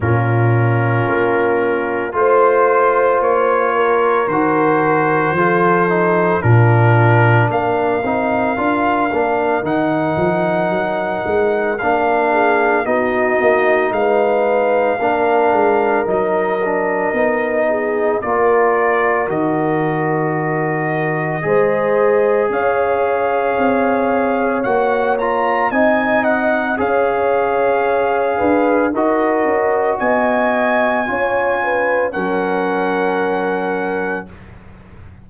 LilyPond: <<
  \new Staff \with { instrumentName = "trumpet" } { \time 4/4 \tempo 4 = 56 ais'2 c''4 cis''4 | c''2 ais'4 f''4~ | f''4 fis''2 f''4 | dis''4 f''2 dis''4~ |
dis''4 d''4 dis''2~ | dis''4 f''2 fis''8 ais''8 | gis''8 fis''8 f''2 dis''4 | gis''2 fis''2 | }
  \new Staff \with { instrumentName = "horn" } { \time 4/4 f'2 c''4. ais'8~ | ais'4 a'4 f'4 ais'4~ | ais'2.~ ais'8 gis'8 | fis'4 b'4 ais'2~ |
ais'8 gis'8 ais'2. | c''4 cis''2. | dis''4 cis''4. b'8 ais'4 | dis''4 cis''8 b'8 ais'2 | }
  \new Staff \with { instrumentName = "trombone" } { \time 4/4 cis'2 f'2 | fis'4 f'8 dis'8 d'4. dis'8 | f'8 d'8 dis'2 d'4 | dis'2 d'4 dis'8 d'8 |
dis'4 f'4 fis'2 | gis'2. fis'8 f'8 | dis'4 gis'2 fis'4~ | fis'4 f'4 cis'2 | }
  \new Staff \with { instrumentName = "tuba" } { \time 4/4 ais,4 ais4 a4 ais4 | dis4 f4 ais,4 ais8 c'8 | d'8 ais8 dis8 f8 fis8 gis8 ais4 | b8 ais8 gis4 ais8 gis8 fis4 |
b4 ais4 dis2 | gis4 cis'4 c'4 ais4 | c'4 cis'4. d'8 dis'8 cis'8 | b4 cis'4 fis2 | }
>>